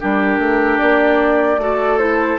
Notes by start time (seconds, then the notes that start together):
0.00 G3 D4 G4 A#4
0.38 A3
0.79 A#3 D5
1.58 A3 F#4 A4
1.99 E4 C5